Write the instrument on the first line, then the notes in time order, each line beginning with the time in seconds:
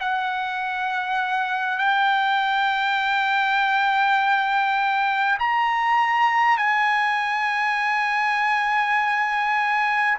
trumpet
0.00 F#5
1.78 G5
5.39 A#5
6.58 G#5